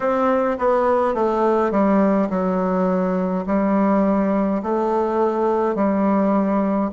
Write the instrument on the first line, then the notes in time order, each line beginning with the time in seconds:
bassoon
0.00 C4
0.58 B3
1.14 A3
1.70 G3
2.29 F#3
3.46 G3
4.62 A3
5.75 G3